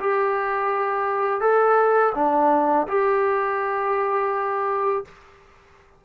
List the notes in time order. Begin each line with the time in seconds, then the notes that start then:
0.00 G4
1.41 A4
2.15 D4
2.88 G4